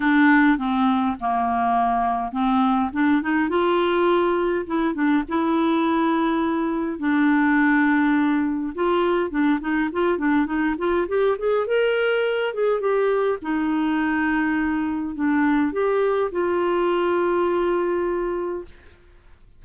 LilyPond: \new Staff \with { instrumentName = "clarinet" } { \time 4/4 \tempo 4 = 103 d'4 c'4 ais2 | c'4 d'8 dis'8 f'2 | e'8 d'8 e'2. | d'2. f'4 |
d'8 dis'8 f'8 d'8 dis'8 f'8 g'8 gis'8 | ais'4. gis'8 g'4 dis'4~ | dis'2 d'4 g'4 | f'1 | }